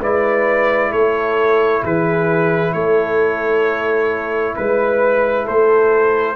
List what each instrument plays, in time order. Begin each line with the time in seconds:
0.00 tuba G#3, trombone E4, horn B4, trumpet D5
0.91 tuba A3, horn A4, trumpet C#5
1.83 tuba E3, horn G#4, trumpet B4
2.73 tuba A3, horn A4, trumpet C#5
4.55 tuba G#3, horn B4, trumpet B4
5.44 tuba A3, horn A4, trumpet C5